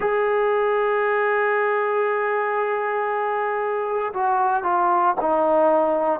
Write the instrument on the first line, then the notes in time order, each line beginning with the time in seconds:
trombone
0.00 G#4
4.13 F#4
4.63 F4
5.20 D#4